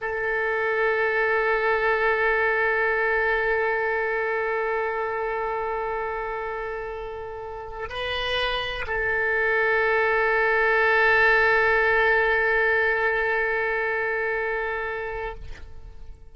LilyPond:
\new Staff \with { instrumentName = "oboe" } { \time 4/4 \tempo 4 = 125 a'1~ | a'1~ | a'1~ | a'1~ |
a'8 b'2 a'4.~ | a'1~ | a'1~ | a'1 | }